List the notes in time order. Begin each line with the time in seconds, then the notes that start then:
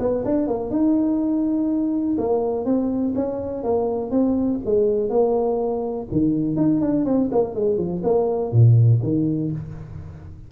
0.00 B3
0.25 D4
0.48 A#3
0.71 D#4
2.19 A#3
2.66 C4
3.16 C#4
3.64 A#3
4.11 C4
4.66 G#3
5.10 A#3
6.12 D#3
6.57 D#4
6.81 D4
7.06 C4
7.32 A#3
7.55 G#3
7.78 F3
8.04 A#3
8.52 A#2
9.03 D#3